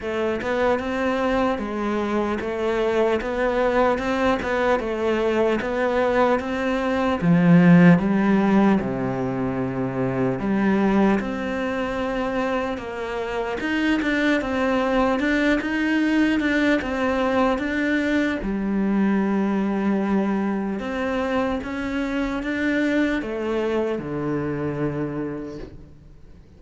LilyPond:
\new Staff \with { instrumentName = "cello" } { \time 4/4 \tempo 4 = 75 a8 b8 c'4 gis4 a4 | b4 c'8 b8 a4 b4 | c'4 f4 g4 c4~ | c4 g4 c'2 |
ais4 dis'8 d'8 c'4 d'8 dis'8~ | dis'8 d'8 c'4 d'4 g4~ | g2 c'4 cis'4 | d'4 a4 d2 | }